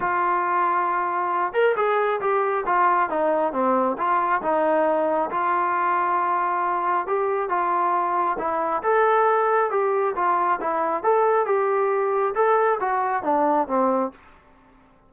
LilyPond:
\new Staff \with { instrumentName = "trombone" } { \time 4/4 \tempo 4 = 136 f'2.~ f'8 ais'8 | gis'4 g'4 f'4 dis'4 | c'4 f'4 dis'2 | f'1 |
g'4 f'2 e'4 | a'2 g'4 f'4 | e'4 a'4 g'2 | a'4 fis'4 d'4 c'4 | }